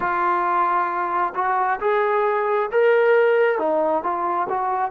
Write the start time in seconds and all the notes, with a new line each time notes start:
0.00 F4
1.34 F#4
1.80 G#4
2.71 A#4
3.58 D#4
4.03 F4
4.49 F#4